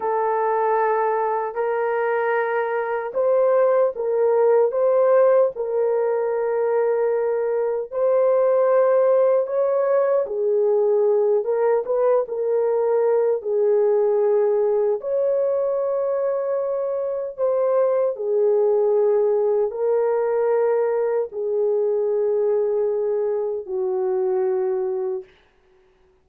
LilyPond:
\new Staff \with { instrumentName = "horn" } { \time 4/4 \tempo 4 = 76 a'2 ais'2 | c''4 ais'4 c''4 ais'4~ | ais'2 c''2 | cis''4 gis'4. ais'8 b'8 ais'8~ |
ais'4 gis'2 cis''4~ | cis''2 c''4 gis'4~ | gis'4 ais'2 gis'4~ | gis'2 fis'2 | }